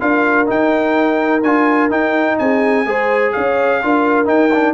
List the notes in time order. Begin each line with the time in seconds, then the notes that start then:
0.00 D4 F4 A#4 F5
0.46 D#4 G5
1.42 D4 F4 G#5
1.90 D#4 G5
2.38 C4 G#4 G#5
2.85 G#3 G#4 C5
3.32 C#4 C#5 F5
3.82 D4 F4 A#4
4.25 D#4 G5
4.53 D4